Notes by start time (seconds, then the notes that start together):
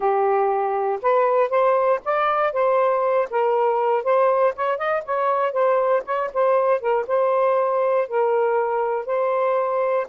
0.00 G4
1.02 B4
1.49 C5
2.04 D5
2.52 C5
3.30 A#4
4.03 C5
4.55 C#5
4.78 D#5
5.05 C#5
5.52 C5
6.05 C#5
6.33 C5
6.80 A#4
7.07 C5
8.07 A#4
9.05 C5